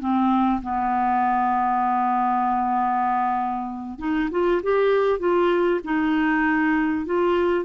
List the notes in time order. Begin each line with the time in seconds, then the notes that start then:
0.00 C4
0.62 B3
3.99 D#4
4.31 F4
4.63 G4
5.19 F4
5.84 D#4
7.06 F4